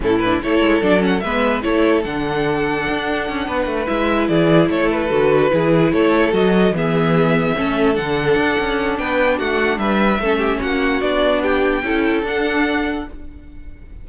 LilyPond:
<<
  \new Staff \with { instrumentName = "violin" } { \time 4/4 \tempo 4 = 147 a'8 b'8 cis''4 d''8 fis''8 e''4 | cis''4 fis''2.~ | fis''4. e''4 d''4 cis''8 | b'2~ b'8 cis''4 dis''8~ |
dis''8 e''2. fis''8~ | fis''2 g''4 fis''4 | e''2 fis''4 d''4 | g''2 fis''2 | }
  \new Staff \with { instrumentName = "violin" } { \time 4/4 e'4 a'2 b'4 | a'1~ | a'8 b'2 gis'4 a'8~ | a'4. gis'4 a'4.~ |
a'8 gis'2 a'4.~ | a'2 b'4 fis'4 | b'4 a'8 g'8 fis'2 | g'4 a'2. | }
  \new Staff \with { instrumentName = "viola" } { \time 4/4 cis'8 d'8 e'4 d'8 cis'8 b4 | e'4 d'2.~ | d'4. e'2~ e'8~ | e'8 fis'4 e'2 fis'8~ |
fis'8 b2 cis'4 d'8~ | d'1~ | d'4 cis'2 d'4~ | d'4 e'4 d'2 | }
  \new Staff \with { instrumentName = "cello" } { \time 4/4 a,4 a8 gis8 fis4 gis4 | a4 d2 d'4 | cis'8 b8 a8 gis4 e4 a8~ | a8 d4 e4 a4 fis8~ |
fis8 e2 a4 d8~ | d8 d'8 cis'4 b4 a4 | g4 a4 ais4 b4~ | b4 cis'4 d'2 | }
>>